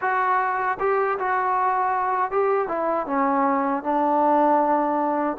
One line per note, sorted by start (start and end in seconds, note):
0.01 0.78 F#4
0.79 1.17 G4
1.19 2.31 F#4
2.31 2.68 G4
2.68 3.06 E4
3.06 3.83 C#4
3.83 5.37 D4